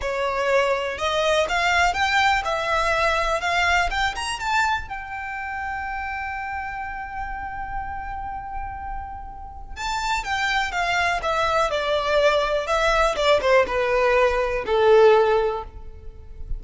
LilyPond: \new Staff \with { instrumentName = "violin" } { \time 4/4 \tempo 4 = 123 cis''2 dis''4 f''4 | g''4 e''2 f''4 | g''8 ais''8 a''4 g''2~ | g''1~ |
g''1 | a''4 g''4 f''4 e''4 | d''2 e''4 d''8 c''8 | b'2 a'2 | }